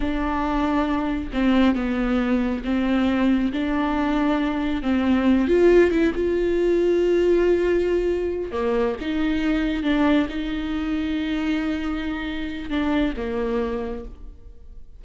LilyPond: \new Staff \with { instrumentName = "viola" } { \time 4/4 \tempo 4 = 137 d'2. c'4 | b2 c'2 | d'2. c'4~ | c'8 f'4 e'8 f'2~ |
f'2.~ f'8 ais8~ | ais8 dis'2 d'4 dis'8~ | dis'1~ | dis'4 d'4 ais2 | }